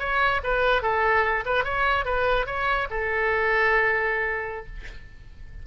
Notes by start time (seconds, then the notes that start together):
0.00 C#5
0.44 B4
0.83 A4
1.46 B4
1.65 C#5
2.05 B4
2.47 C#5
2.91 A4